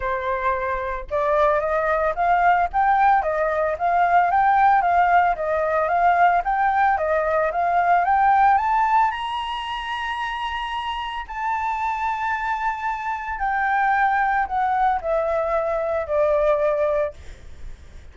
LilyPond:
\new Staff \with { instrumentName = "flute" } { \time 4/4 \tempo 4 = 112 c''2 d''4 dis''4 | f''4 g''4 dis''4 f''4 | g''4 f''4 dis''4 f''4 | g''4 dis''4 f''4 g''4 |
a''4 ais''2.~ | ais''4 a''2.~ | a''4 g''2 fis''4 | e''2 d''2 | }